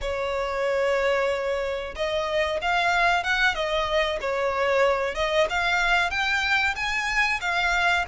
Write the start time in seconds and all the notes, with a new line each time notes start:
0.01 C#5
1.95 D#5
2.61 F5
3.23 F#5
3.54 D#5
4.21 C#5
5.14 D#5
5.49 F5
6.10 G5
6.75 G#5
7.40 F5